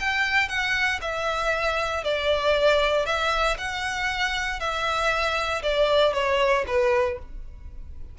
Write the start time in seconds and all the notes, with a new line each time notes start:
0.00 G5
0.49 F#5
1.02 E5
2.04 D5
3.06 E5
3.58 F#5
4.60 E5
5.63 D5
6.14 C#5
6.67 B4